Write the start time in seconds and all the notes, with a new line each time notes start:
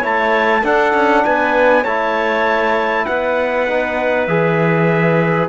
0.00 A3 E4 C#5 A5
0.63 D4 A4 F#5
0.94 C#4
1.25 B3 B4 G#5
1.83 A3 E4 C#5 A5
3.05 B3 B4 F#5
3.68 D#4
4.27 E3 G#4 E5